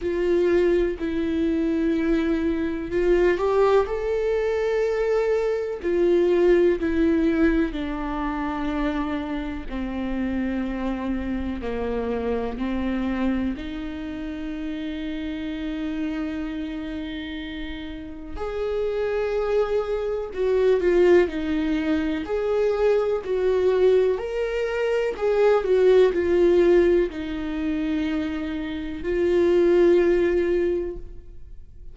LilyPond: \new Staff \with { instrumentName = "viola" } { \time 4/4 \tempo 4 = 62 f'4 e'2 f'8 g'8 | a'2 f'4 e'4 | d'2 c'2 | ais4 c'4 dis'2~ |
dis'2. gis'4~ | gis'4 fis'8 f'8 dis'4 gis'4 | fis'4 ais'4 gis'8 fis'8 f'4 | dis'2 f'2 | }